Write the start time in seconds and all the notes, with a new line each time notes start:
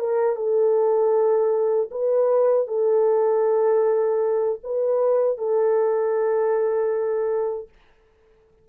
0.00 A#4
0.36 A4
1.91 B4
2.68 A4
4.64 B4
5.38 A4